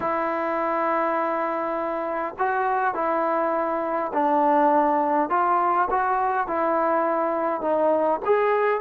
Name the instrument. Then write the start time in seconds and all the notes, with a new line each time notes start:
trombone
0.00 E4
2.39 F#4
2.94 E4
4.13 D4
5.29 F4
5.90 F#4
6.47 E4
7.61 D#4
8.25 G#4